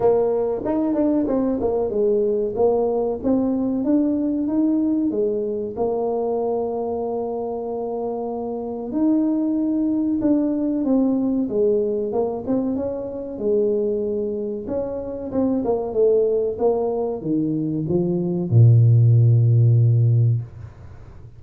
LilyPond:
\new Staff \with { instrumentName = "tuba" } { \time 4/4 \tempo 4 = 94 ais4 dis'8 d'8 c'8 ais8 gis4 | ais4 c'4 d'4 dis'4 | gis4 ais2.~ | ais2 dis'2 |
d'4 c'4 gis4 ais8 c'8 | cis'4 gis2 cis'4 | c'8 ais8 a4 ais4 dis4 | f4 ais,2. | }